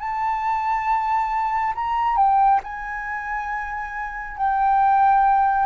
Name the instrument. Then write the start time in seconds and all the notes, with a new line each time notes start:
flute
0.00 A5
1.75 A#5
2.17 G5
2.64 G#5
4.38 G5